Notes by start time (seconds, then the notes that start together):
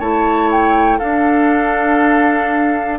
0.00 A3 E4 C#5 A5
0.51 G5
0.99 D4 A4 F5